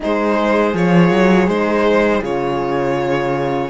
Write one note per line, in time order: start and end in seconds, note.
0.00 0.74 G#3
0.00 0.74 D#4
0.00 3.69 G#4
0.00 0.76 C5
0.74 1.10 F3
0.74 1.48 F4
0.74 1.48 C#5
1.10 1.47 F#3
1.47 2.21 G#3
1.47 2.21 D#4
1.47 2.22 C5
2.21 3.69 C#3
2.21 3.69 F4
2.21 3.69 C#5